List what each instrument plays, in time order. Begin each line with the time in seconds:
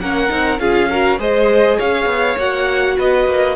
0.00 cello A#3, viola C#4, violin A#4 F#5
0.29 cello C4, viola D#4
0.59 cello C#4, viola F4, violin G#4 F5
0.90 viola F#4, violin A#4
1.18 cello G#3, viola G#4, violin C5 D#5
1.77 cello C#4, violin C#5 F5
2.06 cello B3
2.38 cello A#3, viola F#4, violin F#5
2.98 cello B3, violin B4 D#5
3.26 cello A#3